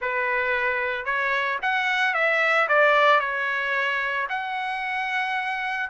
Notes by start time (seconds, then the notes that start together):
0.01 B4
1.05 C#5
1.62 F#5
2.14 E5
2.68 D5
3.20 C#5
4.29 F#5